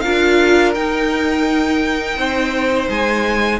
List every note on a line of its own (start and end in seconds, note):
0.00 0.75 D4
0.00 0.75 F4
0.00 2.17 A#4
0.00 0.71 F5
0.74 2.17 D#4
0.74 3.60 D#4
0.74 2.89 G5
2.17 2.89 C4
2.17 3.60 C5
2.89 3.60 G#3
2.89 3.60 G#5